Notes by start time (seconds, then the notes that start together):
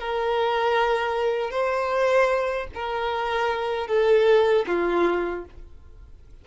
0.00 A#4
1.51 C5
2.75 A#4
3.88 A4
4.67 F4